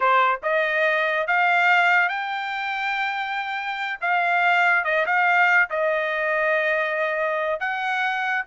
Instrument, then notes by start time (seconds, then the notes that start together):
trumpet
0.00 C5
0.42 D#5
1.27 F5
2.09 G5
4.00 F5
4.84 D#5
5.06 F5
5.70 D#5
7.60 F#5